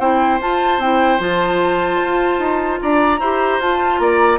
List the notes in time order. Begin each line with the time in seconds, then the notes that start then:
0.00 C4 E4 C5 G5
0.41 F4 A5
0.79 C4 E4 G5
1.20 F3 F4 A5
2.04 F4
2.40 D#4
2.81 D4 D5 A#5
3.20 E4 G4 C5
3.60 F4 A5
3.99 A#3 D5 A#5